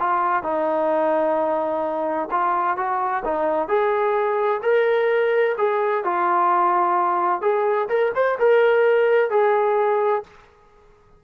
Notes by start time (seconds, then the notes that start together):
0.00 F4
0.43 D#4
2.31 F4
2.77 F#4
3.25 D#4
3.68 G#4
4.63 A#4
5.58 G#4
6.04 F4
7.42 G#4
7.89 A#4
8.15 C5
8.39 A#4
9.30 G#4